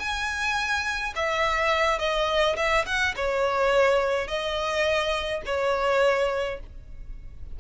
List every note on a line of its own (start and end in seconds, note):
0.00 1.14 G#5
1.16 1.99 E5
1.99 2.57 D#5
2.57 2.85 E5
2.86 3.15 F#5
3.16 4.28 C#5
4.28 5.42 D#5
5.46 6.61 C#5